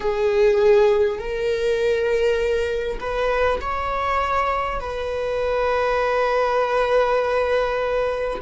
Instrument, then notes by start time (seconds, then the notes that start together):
viola
0.00 G#4
1.18 A#4
2.99 B4
3.60 C#5
4.80 B4